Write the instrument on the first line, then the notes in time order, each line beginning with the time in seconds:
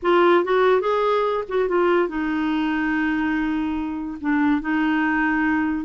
clarinet
0.02 F4
0.44 F#4
0.80 G#4
1.48 F#4
1.68 F4
2.08 D#4
4.20 D4
4.61 D#4